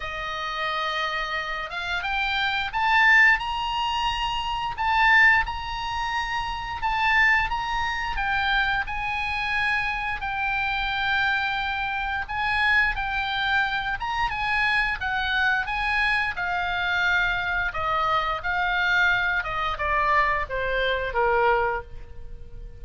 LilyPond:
\new Staff \with { instrumentName = "oboe" } { \time 4/4 \tempo 4 = 88 dis''2~ dis''8 f''8 g''4 | a''4 ais''2 a''4 | ais''2 a''4 ais''4 | g''4 gis''2 g''4~ |
g''2 gis''4 g''4~ | g''8 ais''8 gis''4 fis''4 gis''4 | f''2 dis''4 f''4~ | f''8 dis''8 d''4 c''4 ais'4 | }